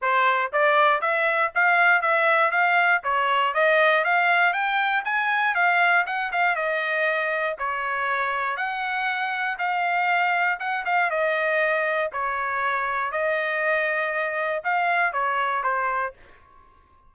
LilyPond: \new Staff \with { instrumentName = "trumpet" } { \time 4/4 \tempo 4 = 119 c''4 d''4 e''4 f''4 | e''4 f''4 cis''4 dis''4 | f''4 g''4 gis''4 f''4 | fis''8 f''8 dis''2 cis''4~ |
cis''4 fis''2 f''4~ | f''4 fis''8 f''8 dis''2 | cis''2 dis''2~ | dis''4 f''4 cis''4 c''4 | }